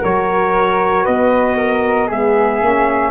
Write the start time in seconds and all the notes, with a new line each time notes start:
0.00 F#3 F#4 A#4 C#5
1.03 B3 B4 D#5
1.56 A#4
2.07 G#3 B3 G#4 E5
2.61 A#3 C#4